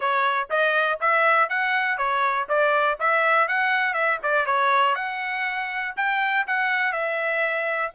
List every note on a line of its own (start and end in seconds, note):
0.00 0.48 C#5
0.50 0.99 D#5
1.00 1.49 E5
1.49 1.97 F#5
1.97 2.47 C#5
2.48 2.98 D5
2.99 3.48 E5
3.48 3.93 F#5
3.93 4.18 E5
4.22 4.46 D5
4.46 4.95 C#5
4.95 5.94 F#5
5.96 6.46 G5
6.47 6.92 F#5
6.92 7.91 E5